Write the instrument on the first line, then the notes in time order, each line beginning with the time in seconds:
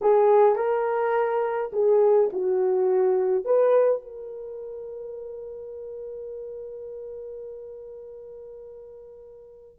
horn
0.01 G#4
0.55 A#4
1.73 G#4
2.32 F#4
3.45 B4
4.01 A#4